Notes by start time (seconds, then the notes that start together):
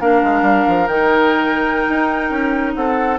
0.00 A#3 D4 A#4 F5
0.23 G#3
0.42 G3
0.68 F3
0.87 D#3 D#4 G5
1.89 D#4
2.30 C#4
2.74 C4 A4 F#5